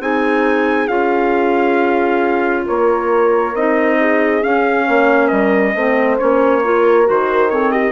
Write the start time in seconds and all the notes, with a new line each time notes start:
0.00 C4 D#4 G#4 G#5
0.88 C#4 F4 F5
2.66 A#3 A#4 C#5
3.55 C4 D#4 D#5
4.00 G#4
4.42 C#4 F5
4.86 A#3 C#5
5.28 G3 A#4 D#5
5.75 A3 C4 C5
6.18 A#3 C#4 C#5
6.62 F4 A#4
7.05 D#3 F#4 C5
7.50 C4 A4 C#5
7.71 G4 D#5